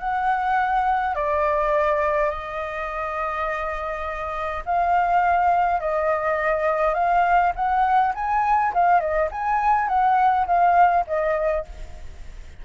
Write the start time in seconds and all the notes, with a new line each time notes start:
0.00 F#5
1.15 D5
2.31 D#5
4.66 F5
5.81 D#5
6.95 F5
7.56 F#5
8.15 G#5
8.74 F5
9.01 D#5
9.32 G#5
9.89 F#5
10.47 F5
11.07 D#5